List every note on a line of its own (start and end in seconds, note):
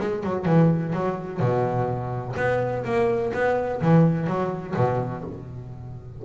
0.00 0.23 G#3
0.23 0.46 F#3
0.46 0.93 E3
0.93 1.40 F#3
1.40 2.35 B2
2.37 2.84 B3
2.85 3.32 A#3
3.34 3.81 B3
3.81 4.27 E3
4.27 4.75 F#3
4.76 5.24 B2